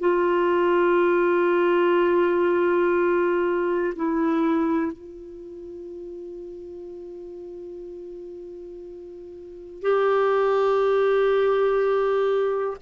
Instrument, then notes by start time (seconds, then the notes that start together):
clarinet
0.00 F4
3.96 E4
4.92 F4
9.82 G4